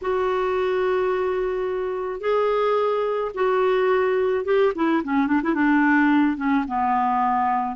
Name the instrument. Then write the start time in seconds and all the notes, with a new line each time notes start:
clarinet
0.01 F#4
2.20 G#4
3.34 F#4
4.44 G4
4.75 E4
5.04 C#4
5.27 D4
5.43 E4
5.54 D4
6.37 C#4
6.67 B3